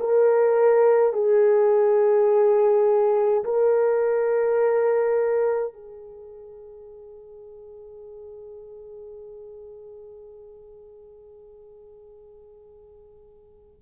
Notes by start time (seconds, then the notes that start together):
0.00 A#4
1.13 G#4
3.45 A#4
5.73 G#4